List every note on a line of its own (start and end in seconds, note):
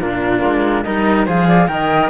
0.00 0.43 A#2
0.00 0.85 D4
0.00 0.84 F4
0.00 0.83 A#4
0.43 0.85 G#3
0.83 1.27 G3
0.83 1.26 D#4
0.83 1.25 A#4
0.83 1.25 D#5
1.25 1.68 F3
1.25 1.67 G#4
1.25 1.46 C5
1.25 1.67 F5
1.47 1.68 D5
1.67 2.10 D#3
1.67 2.09 A#4
1.67 2.10 D#5
1.67 2.09 G5